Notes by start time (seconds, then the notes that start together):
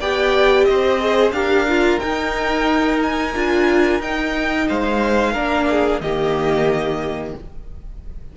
0.00 B3 G4 D5 G5
0.64 C4 C5 D#5
1.01 G#4
1.31 D4 G4 A#4 F5
1.69 F4
2.00 D#4 G5
3.03 G#5
3.35 D4 F4
4.00 D#4 G5
4.68 G#3 C5 F5
5.33 A#3 D4 A#4
5.70 G#4
6.01 D#3 A#3 G4 D#5